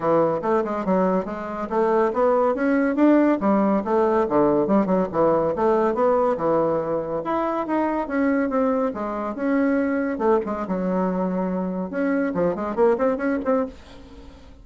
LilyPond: \new Staff \with { instrumentName = "bassoon" } { \time 4/4 \tempo 4 = 141 e4 a8 gis8 fis4 gis4 | a4 b4 cis'4 d'4 | g4 a4 d4 g8 fis8 | e4 a4 b4 e4~ |
e4 e'4 dis'4 cis'4 | c'4 gis4 cis'2 | a8 gis8 fis2. | cis'4 f8 gis8 ais8 c'8 cis'8 c'8 | }